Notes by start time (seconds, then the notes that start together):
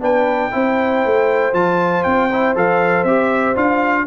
0.00 B3 D4 B4 G5
0.51 C4 E4 C5
1.05 A3
1.53 F3 F4 A5
2.03 C4 G5
2.32 E4
2.55 F3 A4 F5
3.04 C4 G4 E5
3.55 D4 F4 F5